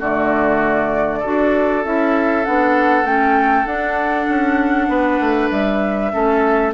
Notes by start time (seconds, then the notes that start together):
0.00 D3 A3 F#4 D5
1.19 F#4 A4
1.26 D4
1.85 C#4 E4 E5
2.45 B3 D4 F#5
3.04 A3 C#4 G5
3.66 D4 F#5
4.30 C#4
4.89 B3 B4
5.20 A3
5.50 G3 E5
6.12 A3 C#4 A4